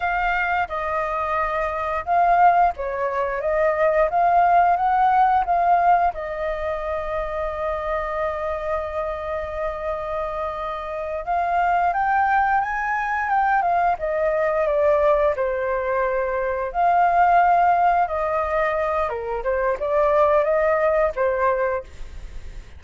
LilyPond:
\new Staff \with { instrumentName = "flute" } { \time 4/4 \tempo 4 = 88 f''4 dis''2 f''4 | cis''4 dis''4 f''4 fis''4 | f''4 dis''2.~ | dis''1~ |
dis''8 f''4 g''4 gis''4 g''8 | f''8 dis''4 d''4 c''4.~ | c''8 f''2 dis''4. | ais'8 c''8 d''4 dis''4 c''4 | }